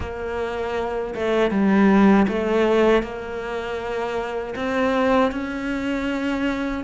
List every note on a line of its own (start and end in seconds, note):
0.00 1.14 A#3
1.14 1.51 A3
1.51 2.26 G3
2.28 3.02 A3
3.02 4.54 A#3
4.55 5.31 C4
5.31 6.83 C#4